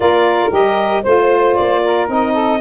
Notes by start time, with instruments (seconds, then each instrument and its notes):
0.00 tuba A#3, saxophone F4 A#4, clarinet D5
0.50 tuba G3, saxophone G4, clarinet D#5
1.03 tuba A3, saxophone F4 C5, clarinet C5
1.54 tuba A#3, clarinet D5
1.85 saxophone A#4
2.06 tuba C4, saxophone D#4, clarinet D#5
2.32 saxophone A4